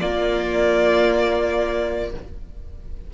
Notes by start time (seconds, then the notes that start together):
0.00 A#3 F4 D5